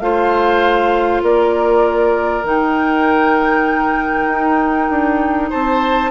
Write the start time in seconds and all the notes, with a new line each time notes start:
0.00 A3 F4 C5 F5
1.22 A#3 A#4 D5
2.43 D#3 D#4 G5
4.27 D#4
4.90 D4
5.50 C4 C5 A5